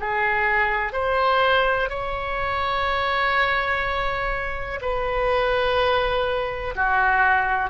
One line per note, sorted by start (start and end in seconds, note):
0.00 0.93 G#4
0.93 1.90 C5
1.90 4.80 C#5
4.82 6.75 B4
6.76 7.71 F#4